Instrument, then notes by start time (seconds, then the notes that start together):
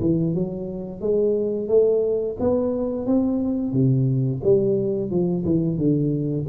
tuba
0.00 E3
0.34 F#3
1.01 G#3
1.68 A3
2.40 B3
3.06 C4
3.72 C3
4.43 G3
5.10 F3
5.45 E3
5.77 D3